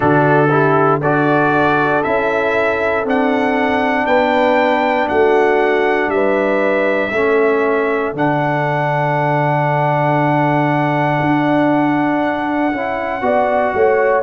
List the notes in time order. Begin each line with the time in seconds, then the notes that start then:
0.00 D3 D4 F#4 A4
0.50 E4 G4
1.01 D4 F#4 A4 D5
2.03 C#4 E4 E5
3.04 C4 D4 F#5
4.06 B3 B4 G5
5.08 A3 F#4 F#5
6.07 G3 E5
6.14 B4
7.11 A3 C#4 A4
8.13 D3 D4 F#5
11.20 D4
12.72 C#4 E4
13.21 B3 F#4 D5
13.73 A3 C#5